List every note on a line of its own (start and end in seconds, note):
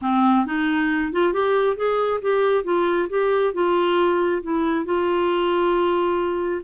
0.01 0.46 C4
0.46 1.12 D#4
1.12 1.33 F4
1.33 1.76 G4
1.76 2.20 G#4
2.21 2.64 G4
2.64 3.08 F4
3.09 3.53 G4
3.53 4.41 F4
4.42 4.85 E4
4.85 6.61 F4